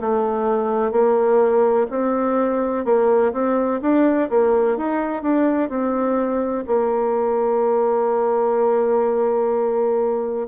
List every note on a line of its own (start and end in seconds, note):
0.00 0.91 A3
0.91 1.87 A#3
1.90 2.85 C4
2.85 3.32 A#3
3.33 3.81 C4
3.81 4.29 D4
4.29 4.77 A#3
4.77 5.22 D#4
5.22 5.69 D4
5.69 6.64 C4
6.66 10.47 A#3